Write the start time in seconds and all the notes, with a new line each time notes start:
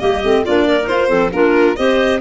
0.00 G3 A#3 G4 D#5
0.24 A3 C4
0.44 A#3 D4 F4 D5
0.67 A#4
0.82 D#4 F4 C5
0.91 F4
1.08 F3 C4 A4
1.33 A#3 D4 F4 A#4
1.76 C4 G4 C5 D#5